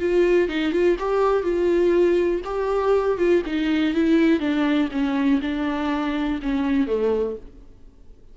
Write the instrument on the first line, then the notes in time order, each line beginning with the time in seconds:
viola
0.00 F4
0.49 D#4
0.72 F4
0.99 G4
1.44 F4
2.45 G4
3.18 F4
3.47 D#4
3.95 E4
4.40 D4
4.92 C#4
5.42 D4
6.43 C#4
6.87 A3